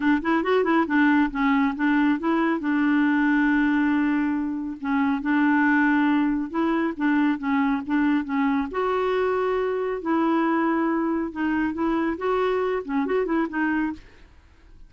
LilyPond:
\new Staff \with { instrumentName = "clarinet" } { \time 4/4 \tempo 4 = 138 d'8 e'8 fis'8 e'8 d'4 cis'4 | d'4 e'4 d'2~ | d'2. cis'4 | d'2. e'4 |
d'4 cis'4 d'4 cis'4 | fis'2. e'4~ | e'2 dis'4 e'4 | fis'4. cis'8 fis'8 e'8 dis'4 | }